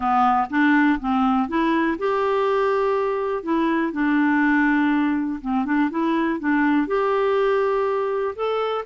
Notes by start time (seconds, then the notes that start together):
0.00 B3
0.50 D4
0.99 C4
1.48 E4
1.98 G4
3.43 E4
3.92 D4
5.41 C4
5.65 D4
5.90 E4
6.39 D4
6.87 G4
8.35 A4